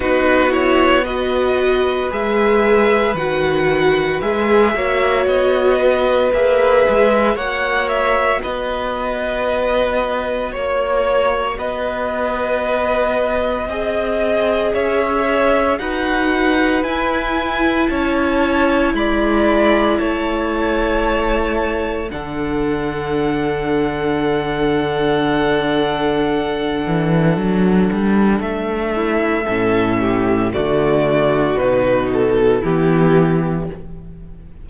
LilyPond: <<
  \new Staff \with { instrumentName = "violin" } { \time 4/4 \tempo 4 = 57 b'8 cis''8 dis''4 e''4 fis''4 | e''4 dis''4 e''4 fis''8 e''8 | dis''2 cis''4 dis''4~ | dis''2 e''4 fis''4 |
gis''4 a''4 b''4 a''4~ | a''4 fis''2.~ | fis''2. e''4~ | e''4 d''4 b'8 a'8 g'4 | }
  \new Staff \with { instrumentName = "violin" } { \time 4/4 fis'4 b'2.~ | b'8 cis''4 b'4. cis''4 | b'2 cis''4 b'4~ | b'4 dis''4 cis''4 b'4~ |
b'4 cis''4 d''4 cis''4~ | cis''4 a'2.~ | a'2.~ a'8 e'8 | a'8 g'8 fis'2 e'4 | }
  \new Staff \with { instrumentName = "viola" } { \time 4/4 dis'8 e'8 fis'4 gis'4 fis'4 | gis'8 fis'4. gis'4 fis'4~ | fis'1~ | fis'4 gis'2 fis'4 |
e'1~ | e'4 d'2.~ | d'1 | cis'4 a4 dis'4 b4 | }
  \new Staff \with { instrumentName = "cello" } { \time 4/4 b2 gis4 dis4 | gis8 ais8 b4 ais8 gis8 ais4 | b2 ais4 b4~ | b4 c'4 cis'4 dis'4 |
e'4 cis'4 gis4 a4~ | a4 d2.~ | d4. e8 fis8 g8 a4 | a,4 d4 b,4 e4 | }
>>